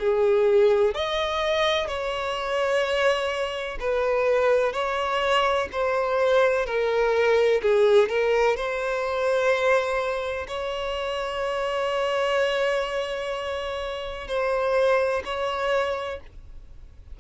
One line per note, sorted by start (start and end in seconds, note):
0.00 0.94 G#4
0.94 1.88 D#5
1.88 3.78 C#5
3.80 4.73 B4
4.73 5.68 C#5
5.72 6.66 C5
6.66 7.61 A#4
7.62 8.09 G#4
8.09 8.56 A#4
8.57 10.47 C5
10.48 14.28 C#5
14.28 15.23 C5
15.25 16.20 C#5